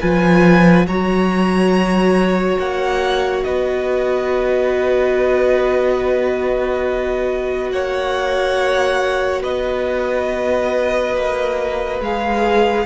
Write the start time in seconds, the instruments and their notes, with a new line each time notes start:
0.00 cello F3, viola F4, violin B4 G#5
0.86 cello F#3, viola F#4, violin C#5 A#5
2.57 cello A#3, violin F#5
3.43 cello B3, violin B4 D#5
7.70 cello A#3, violin C#5 F#5
9.41 cello B3, violin B4 D#5
11.14 cello A#3
12.00 cello G#3, viola G#4, violin F5